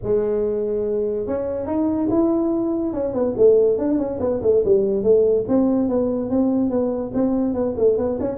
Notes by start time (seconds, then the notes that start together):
0.03 G#3
1.26 C#4
1.66 D#4
2.10 E4
2.93 C#4
3.13 B3
3.37 A3
3.78 D4
3.98 C#4
4.20 B3
4.42 A3
4.64 G3
5.03 A3
5.48 C4
5.88 B3
6.30 C4
6.70 B3
7.13 C4
7.54 B3
7.77 A3
7.97 B3
8.20 C#4